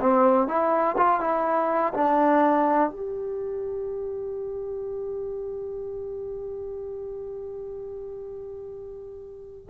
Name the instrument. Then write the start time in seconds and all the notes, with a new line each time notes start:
trombone
0.00 C4
0.48 E4
0.97 F4
1.21 E4
1.94 D4
2.90 G4